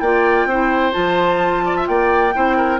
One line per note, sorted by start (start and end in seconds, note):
0.00 0.46 A#3
0.00 0.51 F4
0.00 0.48 D5
0.00 0.93 G5
0.46 0.92 C4
0.46 0.93 E4
0.46 1.65 C5
0.93 1.89 F3
0.93 2.32 F4
0.93 1.86 A5
1.66 1.77 D5
1.77 1.88 E5
1.87 2.35 A#3
1.87 2.35 D5
1.87 2.80 G5
2.35 2.80 C4
2.35 2.80 E4
2.35 2.57 C5
2.57 2.80 A#4